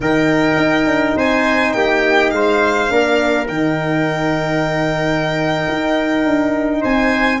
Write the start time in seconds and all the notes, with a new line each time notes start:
0.00 D#3 D#4 A#4 G5
0.57 D#4
0.85 D4
1.15 C4 C5 G#5
1.72 A#3 G4 G5
2.30 G#3 C5 F5
2.88 A#3 D4 A#4
3.47 D#3 D#4 G5
5.67 D#4
6.25 D4
6.80 C4 C5 G#5